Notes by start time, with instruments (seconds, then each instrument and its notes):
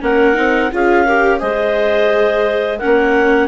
0.00 bassoon A#3, viola C#4, clarinet A#4 F#5
0.34 bassoon C4, viola D#4
0.72 bassoon C#4, viola F4, clarinet G#4 F5
1.04 viola G4, clarinet A#4
1.39 bassoon G#3, viola G#4, clarinet C5 D#5
2.78 viola C#4, clarinet A#4 F#5
2.85 bassoon A#3